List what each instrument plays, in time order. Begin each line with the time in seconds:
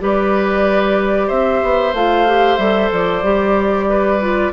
0.00 bassoon G3, clarinet G4, oboe B4, flute D5
1.27 bassoon C4, oboe C5, flute E5
1.63 bassoon B3
1.93 bassoon A3, clarinet F4, flute F5
2.27 clarinet G4
2.57 bassoon G3, clarinet A4, flute E5
2.92 bassoon F3, flute D5
3.23 bassoon G3, clarinet G4
3.89 oboe B4
4.21 clarinet F4